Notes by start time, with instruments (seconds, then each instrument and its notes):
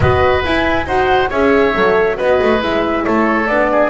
0.00 double bass B3, horn F#4, oboe B4, flute D#5
0.44 horn E4, double bass E4, flute G#5
0.86 double bass D#4, horn F#4, oboe C5, flute F#5
1.29 double bass C#4, horn G#4, oboe C#5, flute E5
1.74 double bass F#3, horn A4
2.16 double bass B3, horn F#4, oboe B4, flute D#5
2.41 double bass A3
2.59 double bass G#3, horn E4, flute E5
3.04 double bass A3, oboe A4, flute C#5
3.46 double bass B3, horn D4, flute D5
3.71 oboe G#4